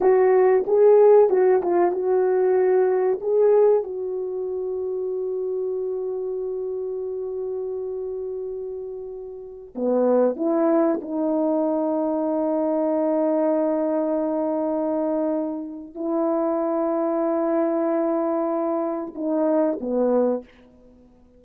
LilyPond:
\new Staff \with { instrumentName = "horn" } { \time 4/4 \tempo 4 = 94 fis'4 gis'4 fis'8 f'8 fis'4~ | fis'4 gis'4 fis'2~ | fis'1~ | fis'2.~ fis'16 b8.~ |
b16 e'4 dis'2~ dis'8.~ | dis'1~ | dis'4 e'2.~ | e'2 dis'4 b4 | }